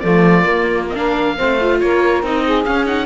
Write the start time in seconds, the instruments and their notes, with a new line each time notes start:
0.00 cello F3, viola A3, saxophone F4, oboe D5
0.44 viola A#3, cello A#3
0.90 viola C4 D4, oboe D#5 F5
0.97 saxophone A#4
1.37 cello A3, viola C4, saxophone C5
1.61 viola F4
1.81 cello A#3, saxophone A#4, oboe C#5
2.23 cello C4, viola D#4, oboe D#5
2.45 saxophone G#4
2.65 viola C#4, cello C#4, oboe F5
2.86 viola D#4, oboe F#5